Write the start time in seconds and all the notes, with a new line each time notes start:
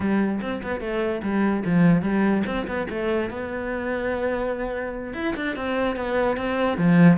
0.00 G3
0.41 C4
0.62 B3
0.80 A3
1.22 G3
1.65 F3
2.02 G3
2.46 C4
2.67 B3
2.89 A3
3.30 B3
5.13 E4
5.36 D4
5.56 C4
5.96 B3
6.36 C4
6.77 F3